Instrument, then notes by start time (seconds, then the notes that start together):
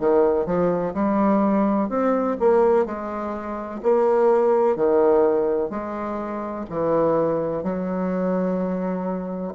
bassoon
0.00 D#3
0.46 F3
0.94 G3
1.90 C4
2.40 A#3
2.86 G#3
3.83 A#3
4.77 D#3
5.70 G#3
6.70 E3
7.63 F#3